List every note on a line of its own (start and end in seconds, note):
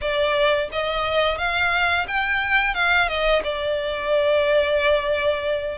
0.01 0.69 D5
0.72 1.38 D#5
1.38 2.06 F5
2.07 2.74 G5
2.74 3.08 F5
3.08 3.42 D#5
3.43 5.78 D5